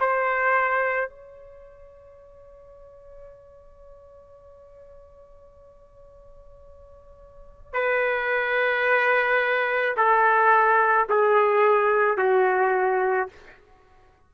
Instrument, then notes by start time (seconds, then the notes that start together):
trumpet
0.00 C5
1.09 C#5
7.73 B4
9.96 A4
11.09 G#4
12.18 F#4